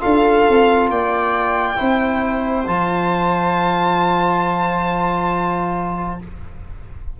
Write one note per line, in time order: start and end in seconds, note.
0.00 0.49 D4
0.00 1.76 F4
0.00 0.90 A4
0.00 0.89 F5
0.49 0.90 C4
0.90 1.78 A#3
0.90 1.77 D5
0.90 2.67 G5
1.76 2.67 C4
1.76 2.64 E4
1.76 6.18 C5
2.67 6.20 F3
2.67 6.19 F4
2.67 6.19 A5